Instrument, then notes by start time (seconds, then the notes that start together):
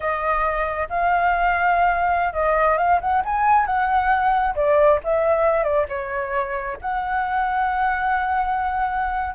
flute
0.00 D#5
0.89 F5
2.33 D#5
2.77 F5
3.00 F#5
3.24 G#5
3.65 F#5
4.55 D5
5.03 E5
5.63 D5
5.88 C#5
6.81 F#5